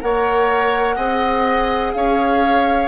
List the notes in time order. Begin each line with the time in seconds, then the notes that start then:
0.00 A#3 A#4 C#5 F#5
0.95 C4 G#4 D#5
1.93 C#4 C#5 F5